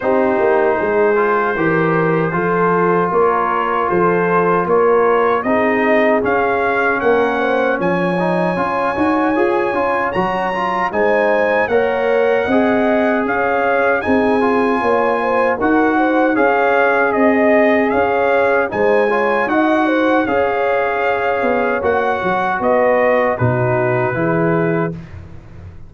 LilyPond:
<<
  \new Staff \with { instrumentName = "trumpet" } { \time 4/4 \tempo 4 = 77 c''1 | cis''4 c''4 cis''4 dis''4 | f''4 fis''4 gis''2~ | gis''4 ais''4 gis''4 fis''4~ |
fis''4 f''4 gis''2 | fis''4 f''4 dis''4 f''4 | gis''4 fis''4 f''2 | fis''4 dis''4 b'2 | }
  \new Staff \with { instrumentName = "horn" } { \time 4/4 g'4 gis'4 ais'4 a'4 | ais'4 a'4 ais'4 gis'4~ | gis'4 ais'8 c''8 cis''2~ | cis''2 c''4 cis''4 |
dis''4 cis''4 gis'4 cis''8 c''8 | ais'8 c''8 cis''4 dis''4 cis''4 | c''8 cis''8 dis''8 c''8 cis''2~ | cis''4 b'4 fis'4 gis'4 | }
  \new Staff \with { instrumentName = "trombone" } { \time 4/4 dis'4. f'8 g'4 f'4~ | f'2. dis'4 | cis'2~ cis'8 dis'8 f'8 fis'8 | gis'8 f'8 fis'8 f'8 dis'4 ais'4 |
gis'2 dis'8 f'4. | fis'4 gis'2. | dis'8 f'8 fis'4 gis'2 | fis'2 dis'4 e'4 | }
  \new Staff \with { instrumentName = "tuba" } { \time 4/4 c'8 ais8 gis4 e4 f4 | ais4 f4 ais4 c'4 | cis'4 ais4 f4 cis'8 dis'8 | f'8 cis'8 fis4 gis4 ais4 |
c'4 cis'4 c'4 ais4 | dis'4 cis'4 c'4 cis'4 | gis4 dis'4 cis'4. b8 | ais8 fis8 b4 b,4 e4 | }
>>